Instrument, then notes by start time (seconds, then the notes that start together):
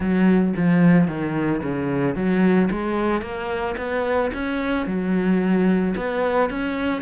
cello
0.00 F#3
0.56 F3
1.07 D#3
1.62 C#3
2.15 F#3
2.71 G#3
3.21 A#3
3.77 B3
4.33 C#4
4.86 F#3
5.96 B3
6.49 C#4